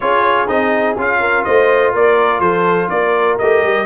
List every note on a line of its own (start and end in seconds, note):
0.00 0.48 C#4
0.00 0.47 F4
0.00 1.20 G#4
0.00 0.48 C#5
0.47 0.96 C4
0.47 0.96 D#4
0.47 0.96 D#5
0.97 1.45 C#4
0.97 3.39 F4
0.97 1.44 F5
1.20 1.44 A#4
1.44 1.94 A3
1.44 1.92 C5
1.44 1.92 D#5
1.92 2.40 A#3
1.92 2.41 A#4
1.92 2.40 D5
2.40 2.88 F3
2.40 2.89 A4
2.40 2.89 C5
2.89 3.38 A#3
2.89 3.85 A#4
2.89 3.37 D5
3.38 3.62 A3
3.38 3.85 G4
3.38 3.85 D#5
3.62 3.85 G3